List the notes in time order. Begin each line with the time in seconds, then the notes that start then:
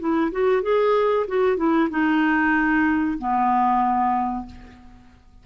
0.00 E4
0.32 F#4
0.63 G#4
1.28 F#4
1.57 E4
1.91 D#4
3.19 B3